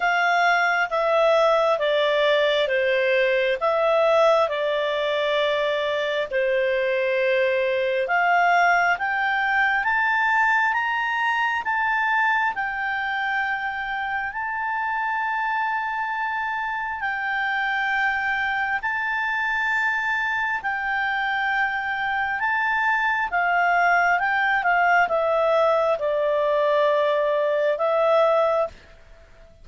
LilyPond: \new Staff \with { instrumentName = "clarinet" } { \time 4/4 \tempo 4 = 67 f''4 e''4 d''4 c''4 | e''4 d''2 c''4~ | c''4 f''4 g''4 a''4 | ais''4 a''4 g''2 |
a''2. g''4~ | g''4 a''2 g''4~ | g''4 a''4 f''4 g''8 f''8 | e''4 d''2 e''4 | }